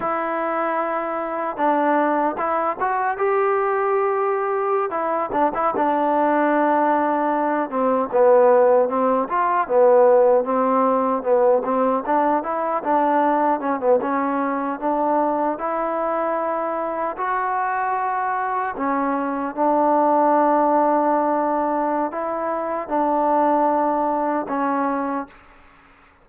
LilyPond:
\new Staff \with { instrumentName = "trombone" } { \time 4/4 \tempo 4 = 76 e'2 d'4 e'8 fis'8 | g'2~ g'16 e'8 d'16 e'16 d'8.~ | d'4.~ d'16 c'8 b4 c'8 f'16~ | f'16 b4 c'4 b8 c'8 d'8 e'16~ |
e'16 d'4 cis'16 b16 cis'4 d'4 e'16~ | e'4.~ e'16 fis'2 cis'16~ | cis'8. d'2.~ d'16 | e'4 d'2 cis'4 | }